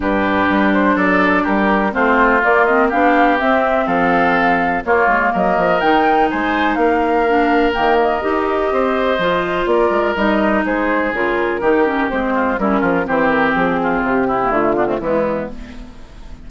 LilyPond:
<<
  \new Staff \with { instrumentName = "flute" } { \time 4/4 \tempo 4 = 124 b'4. c''8 d''4 ais'4 | c''4 d''8 dis''8 f''4 e''4 | f''2 cis''4 dis''4 | g''4 gis''4 f''2 |
g''8 dis''2.~ dis''8 | d''4 dis''4 c''4 ais'4~ | ais'4 c''4 ais'4 c''8 ais'8 | gis'4 g'4 f'4 e'4 | }
  \new Staff \with { instrumentName = "oboe" } { \time 4/4 g'2 a'4 g'4 | f'2 g'2 | a'2 f'4 ais'4~ | ais'4 c''4 ais'2~ |
ais'2 c''2 | ais'2 gis'2 | g'4. f'8 e'8 f'8 g'4~ | g'8 f'4 e'4 d'16 c'16 b4 | }
  \new Staff \with { instrumentName = "clarinet" } { \time 4/4 d'1 | c'4 ais8 c'8 d'4 c'4~ | c'2 ais2 | dis'2. d'4 |
ais4 g'2 f'4~ | f'4 dis'2 f'4 | dis'8 cis'8 c'4 cis'4 c'4~ | c'4.~ c'16 ais16 a8 b16 a16 gis4 | }
  \new Staff \with { instrumentName = "bassoon" } { \time 4/4 g,4 g4 fis4 g4 | a4 ais4 b4 c'4 | f2 ais8 gis8 fis8 f8 | dis4 gis4 ais2 |
dis4 dis'4 c'4 f4 | ais8 gis8 g4 gis4 cis4 | dis4 gis4 g8 f8 e4 | f4 c4 d4 e4 | }
>>